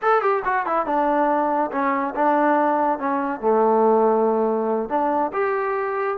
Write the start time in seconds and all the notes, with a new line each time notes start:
0.02 A4
0.21 G4
0.44 F#4
0.65 E4
0.85 D4
1.71 C#4
2.15 D4
2.98 C#4
3.40 A3
4.89 D4
5.32 G4